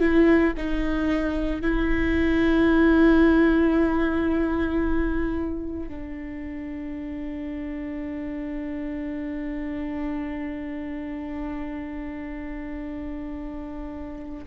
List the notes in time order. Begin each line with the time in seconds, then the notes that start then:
0.00 E4
0.57 D#4
1.62 E4
5.89 D4